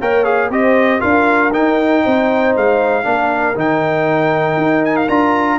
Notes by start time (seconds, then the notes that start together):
0.00 A#3 A#4 C#5 G5
0.24 G#4 F5
0.50 C4 G4 C5 D#5
1.00 D4 F4 A#4 F5
1.52 D#4 G5
2.03 C4 C5
2.56 G#3 F5
3.03 A#3 D4 A#4
3.55 D#3 D#4 G5
4.57 D#4
4.85 G#5
4.96 F5
5.09 D4 F4 A#5